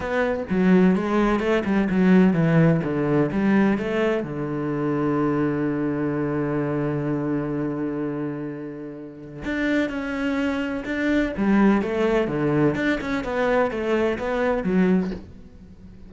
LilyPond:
\new Staff \with { instrumentName = "cello" } { \time 4/4 \tempo 4 = 127 b4 fis4 gis4 a8 g8 | fis4 e4 d4 g4 | a4 d2.~ | d1~ |
d1 | d'4 cis'2 d'4 | g4 a4 d4 d'8 cis'8 | b4 a4 b4 fis4 | }